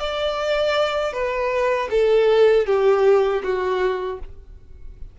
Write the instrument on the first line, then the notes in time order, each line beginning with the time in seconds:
violin
0.00 D5
1.13 B4
1.91 A4
2.67 G4
3.43 F#4